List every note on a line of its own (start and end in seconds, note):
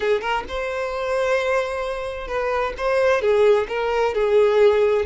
0.00 0.21 G#4
0.21 0.44 A#4
0.48 2.27 C5
2.27 2.73 B4
2.77 3.21 C5
3.21 3.67 G#4
3.68 4.14 A#4
4.14 5.05 G#4